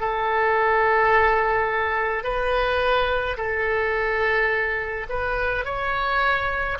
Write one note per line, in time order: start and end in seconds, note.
0.00 2.24 A4
2.24 3.37 B4
3.38 5.07 A4
5.09 5.65 B4
5.65 6.78 C#5